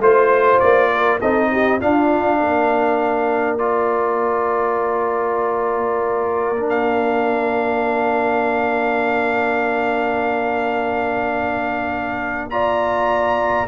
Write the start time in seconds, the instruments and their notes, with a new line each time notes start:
0.00 tuba A3, trombone F4, horn C5, trumpet C5
0.60 tuba A#3, trumpet D5
0.92 horn A#4
1.19 tuba C4, trombone D#4, horn A4, trumpet D#5
1.52 horn G4
1.80 trombone D4, tuba D4, horn F4, trumpet F5
2.40 tuba A#3, horn A#4
3.58 trombone F4, trumpet D5
6.57 trombone D4
6.69 trumpet F5
12.50 trombone F4, horn D5, trumpet A#5